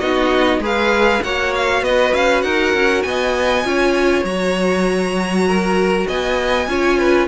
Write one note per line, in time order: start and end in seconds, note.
0.00 0.59 B3
0.00 0.62 D#4
0.00 0.61 F#4
0.00 0.61 D#5
0.59 1.20 G#3
0.59 1.23 G#4
0.59 1.24 B4
0.66 1.24 F5
1.23 1.82 A#3
1.23 3.64 F#4
1.23 1.84 C#5
1.23 1.54 F#5
1.55 1.84 F5
1.82 2.12 B3
1.82 2.44 B4
1.82 2.14 D#5
2.14 2.44 C#4
2.14 2.42 F5
2.42 2.74 D#4
2.42 3.05 A#4
2.42 3.03 F#5
2.74 3.05 C#4
3.03 3.65 B3
3.03 3.68 D#5
3.03 4.24 G#5
3.64 4.24 C#4
3.64 4.25 F4
3.64 5.48 C#5
4.24 6.06 F#3
4.24 6.68 F#4
4.24 6.08 A#5
5.48 6.08 A#4
6.08 6.68 B3
6.08 6.69 D#5
6.08 7.29 G#5
6.68 7.28 C#4
6.68 7.29 F4
6.68 6.99 C#5
6.99 7.29 B4